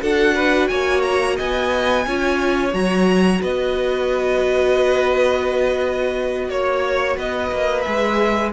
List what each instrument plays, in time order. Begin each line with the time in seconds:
0.00 cello D4, viola F#4, violin A4 F#5
0.34 violin B4
0.67 cello A#3, violin C#5 G#5
1.02 violin A#5
1.36 cello B3, violin D#5 G#5
2.06 cello C#4, viola F4, violin C#5
2.72 cello F#3, viola F#4, violin A#5
3.41 cello B3, violin B4 D#5
6.49 cello A#3, violin C#5
7.16 cello B3, violin B4 D#5
7.51 cello A#3
7.81 cello G#3, viola G#4, violin E5